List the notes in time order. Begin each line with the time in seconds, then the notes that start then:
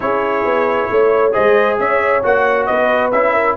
0.00 C#4 E4 G#4 C#5
0.44 B3
0.90 A3 C#5
1.32 G#3 G#4 C5 D#5
1.79 C#4 C#5 E5
2.23 A#3 F#4 F#5
2.66 B3 B4 D#5
3.11 C#4 E4 E5
3.33 A#4